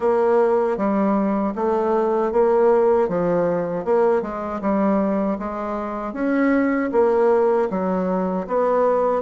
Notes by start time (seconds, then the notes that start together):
0.00 A#3
0.77 G3
1.55 A3
2.31 A#3
3.08 F3
3.84 A#3
4.22 G#3
4.61 G3
5.38 G#3
6.13 C#4
6.92 A#3
7.70 F#3
8.47 B3